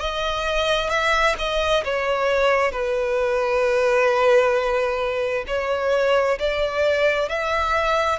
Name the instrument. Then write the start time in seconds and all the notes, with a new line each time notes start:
violin
0.00 D#5
0.89 E5
1.38 D#5
1.84 C#5
2.71 B4
5.47 C#5
6.39 D5
7.29 E5